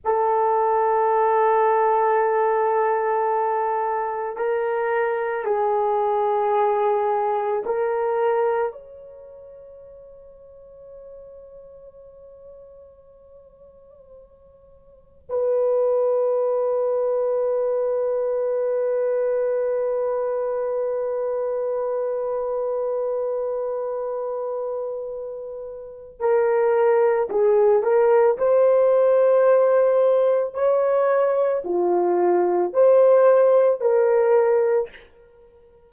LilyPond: \new Staff \with { instrumentName = "horn" } { \time 4/4 \tempo 4 = 55 a'1 | ais'4 gis'2 ais'4 | cis''1~ | cis''2 b'2~ |
b'1~ | b'1 | ais'4 gis'8 ais'8 c''2 | cis''4 f'4 c''4 ais'4 | }